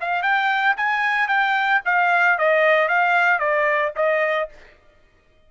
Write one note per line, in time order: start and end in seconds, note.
0.00 0.22 F5
0.22 0.75 G5
0.77 1.28 G#5
1.28 1.81 G5
1.85 2.38 F5
2.38 2.88 D#5
2.88 3.39 F5
3.39 3.92 D5
3.96 4.49 D#5